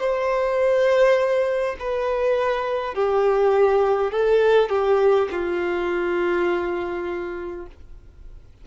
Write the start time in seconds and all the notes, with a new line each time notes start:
0.00 C5
1.80 B4
2.95 G4
4.12 A4
4.70 G4
5.31 F4